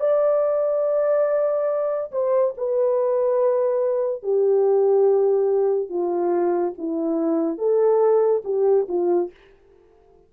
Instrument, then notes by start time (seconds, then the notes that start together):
horn
0.00 D5
2.12 C5
2.57 B4
4.23 G4
5.89 F4
6.78 E4
7.58 A4
8.45 G4
8.88 F4